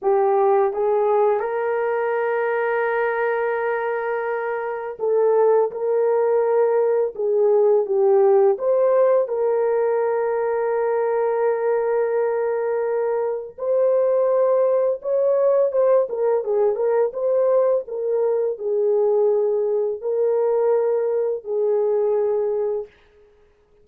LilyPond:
\new Staff \with { instrumentName = "horn" } { \time 4/4 \tempo 4 = 84 g'4 gis'4 ais'2~ | ais'2. a'4 | ais'2 gis'4 g'4 | c''4 ais'2.~ |
ais'2. c''4~ | c''4 cis''4 c''8 ais'8 gis'8 ais'8 | c''4 ais'4 gis'2 | ais'2 gis'2 | }